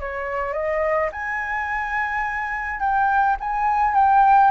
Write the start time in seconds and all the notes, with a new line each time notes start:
0.00 C#5
0.53 D#5
1.12 G#5
2.80 G5
3.40 G#5
3.94 G5